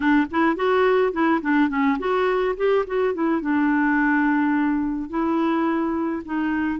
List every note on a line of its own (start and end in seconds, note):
0.00 0.26 D4
0.31 0.56 E4
0.56 1.12 F#4
1.12 1.40 E4
1.41 1.69 D4
1.69 1.97 C#4
1.98 2.55 F#4
2.56 2.85 G4
2.86 3.13 F#4
3.13 3.41 E4
3.41 5.09 D4
5.09 6.22 E4
6.25 6.79 D#4